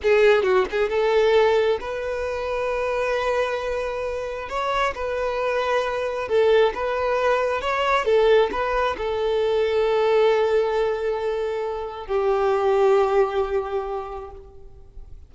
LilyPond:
\new Staff \with { instrumentName = "violin" } { \time 4/4 \tempo 4 = 134 gis'4 fis'8 gis'8 a'2 | b'1~ | b'2 cis''4 b'4~ | b'2 a'4 b'4~ |
b'4 cis''4 a'4 b'4 | a'1~ | a'2. g'4~ | g'1 | }